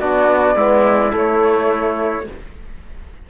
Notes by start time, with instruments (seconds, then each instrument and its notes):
0.00 cello B3, trombone D4, trumpet F#4, flute D5
0.56 cello G#3, trombone B3, trumpet E4
1.09 trombone A3, cello A3
1.16 flute C#5